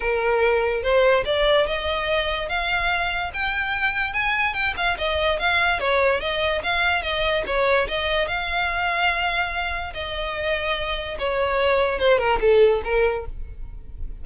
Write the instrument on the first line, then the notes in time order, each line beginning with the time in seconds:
violin
0.00 A#4
0.82 C5
1.25 D5
1.66 D#5
2.48 F5
3.33 G5
4.13 G#5
4.53 G5
4.76 F5
4.98 D#5
5.39 F5
5.79 C#5
6.20 D#5
6.63 F5
7.02 D#5
7.46 C#5
7.88 D#5
8.27 F5
9.93 D#5
11.18 C#5
11.99 C5
12.18 A#4
12.40 A4
12.84 A#4